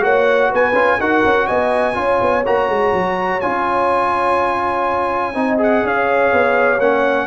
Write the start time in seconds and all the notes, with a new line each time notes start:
0.00 A#3 F#4 C#5 F#5
0.50 B3 B4 G#5
0.73 C#4 F4
1.00 D#4 F#4 A#4 F#5
1.24 C#4
1.47 B3 D#5 G#5
1.94 C#4 F4 C#5
2.21 B3
2.45 A#3 F#4 A#5
2.68 G#3
2.93 F#3
3.40 C#4 F4 G#5
5.34 C4 D#4 D#5
5.58 G#4 F#5
5.84 C#4 C#5 F5
6.33 B3
6.79 A#3 C#4 F#5